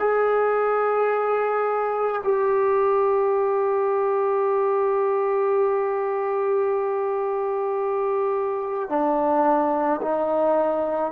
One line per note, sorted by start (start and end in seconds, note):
0.00 2.22 G#4
2.24 8.90 G4
8.90 10.01 D4
10.02 11.13 D#4